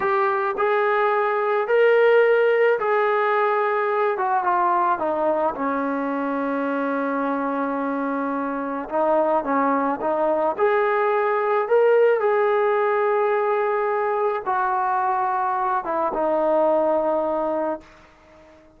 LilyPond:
\new Staff \with { instrumentName = "trombone" } { \time 4/4 \tempo 4 = 108 g'4 gis'2 ais'4~ | ais'4 gis'2~ gis'8 fis'8 | f'4 dis'4 cis'2~ | cis'1 |
dis'4 cis'4 dis'4 gis'4~ | gis'4 ais'4 gis'2~ | gis'2 fis'2~ | fis'8 e'8 dis'2. | }